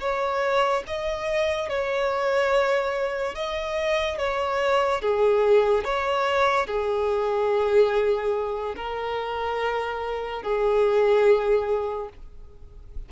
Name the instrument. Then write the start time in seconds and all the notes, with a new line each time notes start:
violin
0.00 C#5
0.87 D#5
1.69 C#5
3.35 D#5
4.18 C#5
5.01 G#4
5.84 C#5
6.66 G#4
8.76 A#4
10.42 G#4